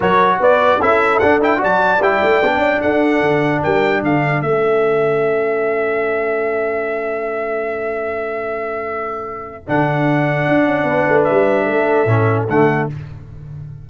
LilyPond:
<<
  \new Staff \with { instrumentName = "trumpet" } { \time 4/4 \tempo 4 = 149 cis''4 d''4 e''4 fis''8 g''8 | a''4 g''2 fis''4~ | fis''4 g''4 f''4 e''4~ | e''1~ |
e''1~ | e''1 | fis''1 | e''2. fis''4 | }
  \new Staff \with { instrumentName = "horn" } { \time 4/4 ais'4 b'4 a'2 | d''2. a'4~ | a'4 ais'4 a'2~ | a'1~ |
a'1~ | a'1~ | a'2. b'4~ | b'4 a'2. | }
  \new Staff \with { instrumentName = "trombone" } { \time 4/4 fis'2 e'4 d'8 e'8 | fis'4 e'4 d'2~ | d'2. cis'4~ | cis'1~ |
cis'1~ | cis'1 | d'1~ | d'2 cis'4 a4 | }
  \new Staff \with { instrumentName = "tuba" } { \time 4/4 fis4 b4 cis'4 d'4 | fis4 g8 a8 b8 cis'8 d'4 | d4 g4 d4 a4~ | a1~ |
a1~ | a1 | d2 d'8 cis'8 b8 a8 | g4 a4 a,4 d4 | }
>>